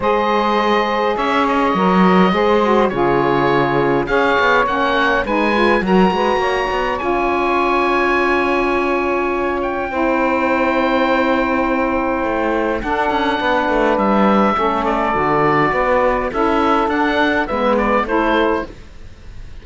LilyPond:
<<
  \new Staff \with { instrumentName = "oboe" } { \time 4/4 \tempo 4 = 103 dis''2 e''8 dis''4.~ | dis''4 cis''2 f''4 | fis''4 gis''4 ais''2 | gis''1~ |
gis''8 g''2.~ g''8~ | g''2 fis''2 | e''4. d''2~ d''8 | e''4 fis''4 e''8 d''8 c''4 | }
  \new Staff \with { instrumentName = "saxophone" } { \time 4/4 c''2 cis''2 | c''4 gis'2 cis''4~ | cis''4 b'4 ais'8 b'8 cis''4~ | cis''1~ |
cis''4 c''2.~ | c''2 a'4 b'4~ | b'4 a'2 b'4 | a'2 b'4 a'4 | }
  \new Staff \with { instrumentName = "saxophone" } { \time 4/4 gis'2. ais'4 | gis'8 fis'8 f'2 gis'4 | cis'4 dis'8 f'8 fis'2 | f'1~ |
f'4 e'2.~ | e'2 d'2~ | d'4 cis'4 fis'2 | e'4 d'4 b4 e'4 | }
  \new Staff \with { instrumentName = "cello" } { \time 4/4 gis2 cis'4 fis4 | gis4 cis2 cis'8 b8 | ais4 gis4 fis8 gis8 ais8 b8 | cis'1~ |
cis'4 c'2.~ | c'4 a4 d'8 cis'8 b8 a8 | g4 a4 d4 b4 | cis'4 d'4 gis4 a4 | }
>>